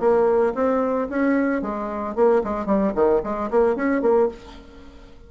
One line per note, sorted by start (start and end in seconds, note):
0.00 0.54 A#3
0.55 1.09 C4
1.10 1.62 C#4
1.62 2.16 G#3
2.16 2.43 A#3
2.44 2.66 G#3
2.66 2.93 G3
2.96 3.22 D#3
3.24 3.51 G#3
3.51 3.76 A#3
3.76 4.02 C#4
4.02 4.29 A#3